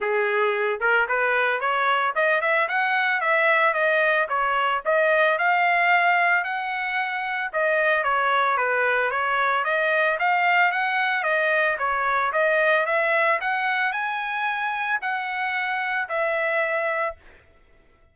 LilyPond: \new Staff \with { instrumentName = "trumpet" } { \time 4/4 \tempo 4 = 112 gis'4. ais'8 b'4 cis''4 | dis''8 e''8 fis''4 e''4 dis''4 | cis''4 dis''4 f''2 | fis''2 dis''4 cis''4 |
b'4 cis''4 dis''4 f''4 | fis''4 dis''4 cis''4 dis''4 | e''4 fis''4 gis''2 | fis''2 e''2 | }